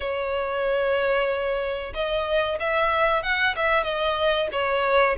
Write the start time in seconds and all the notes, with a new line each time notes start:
0.00 C#5
1.94 D#5
2.59 E5
3.22 F#5
3.56 E5
3.83 D#5
4.52 C#5